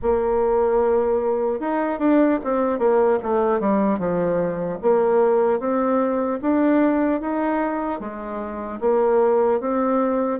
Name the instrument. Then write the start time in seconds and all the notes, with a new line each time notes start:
bassoon
0.01 A#3
1.60 D#4
1.99 D4
2.44 C4
2.78 A#3
3.22 A3
3.60 G3
3.99 F3
4.81 A#3
5.59 C4
6.41 D4
7.20 D#4
8.00 G#3
8.80 A#3
9.60 C4